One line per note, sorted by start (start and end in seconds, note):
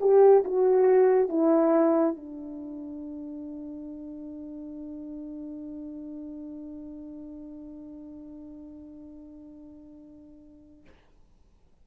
0.00 0.43 G4
0.44 1.29 F#4
1.29 2.16 E4
2.16 10.85 D4